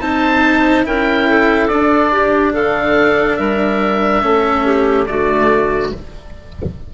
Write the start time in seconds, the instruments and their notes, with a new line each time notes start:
0.00 bassoon C4, cello D#4, clarinet C5, oboe A5
0.85 bassoon C#4, cello E4, clarinet A#4, oboe G5
1.29 clarinet A4
1.68 bassoon D4, cello D4, oboe D5
2.12 clarinet G4
2.54 bassoon D3, clarinet A4, oboe F5
3.37 bassoon G3, clarinet A#4, oboe E5
4.22 bassoon A3, cello C#4, clarinet A4
4.66 clarinet G4
5.06 bassoon D3, cello A3, clarinet F#4, oboe D5